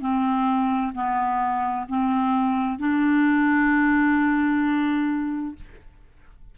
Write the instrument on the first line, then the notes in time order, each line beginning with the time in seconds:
clarinet
0.00 C4
0.94 B3
1.89 C4
2.79 D4